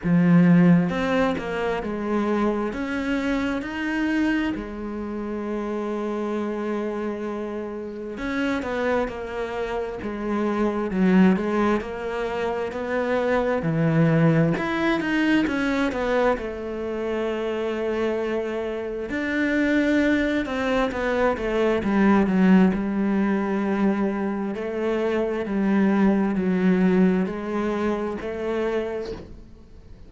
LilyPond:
\new Staff \with { instrumentName = "cello" } { \time 4/4 \tempo 4 = 66 f4 c'8 ais8 gis4 cis'4 | dis'4 gis2.~ | gis4 cis'8 b8 ais4 gis4 | fis8 gis8 ais4 b4 e4 |
e'8 dis'8 cis'8 b8 a2~ | a4 d'4. c'8 b8 a8 | g8 fis8 g2 a4 | g4 fis4 gis4 a4 | }